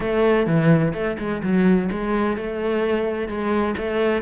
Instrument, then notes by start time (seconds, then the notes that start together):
cello
0.00 A3
0.46 E3
0.93 A3
1.18 G#3
1.42 F#3
1.91 G#3
2.37 A3
3.27 G#3
3.77 A3